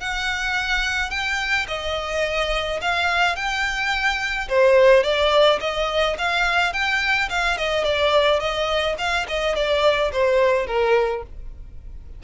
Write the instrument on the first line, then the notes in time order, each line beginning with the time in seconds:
violin
0.00 F#5
1.10 G5
1.68 D#5
2.81 F5
3.36 G5
4.49 C5
5.03 D5
5.60 D#5
6.18 F5
6.73 G5
7.29 F5
7.58 D#5
7.84 D5
8.40 D#5
8.98 F5
9.28 D#5
9.55 D5
10.12 C5
10.67 A#4